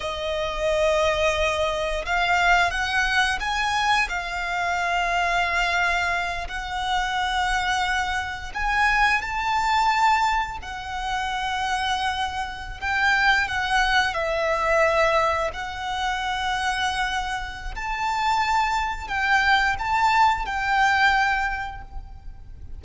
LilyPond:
\new Staff \with { instrumentName = "violin" } { \time 4/4 \tempo 4 = 88 dis''2. f''4 | fis''4 gis''4 f''2~ | f''4. fis''2~ fis''8~ | fis''8 gis''4 a''2 fis''8~ |
fis''2~ fis''8. g''4 fis''16~ | fis''8. e''2 fis''4~ fis''16~ | fis''2 a''2 | g''4 a''4 g''2 | }